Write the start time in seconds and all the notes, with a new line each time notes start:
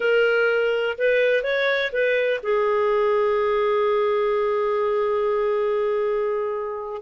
0.00 A#4
0.98 B4
1.43 C#5
1.92 B4
2.42 G#4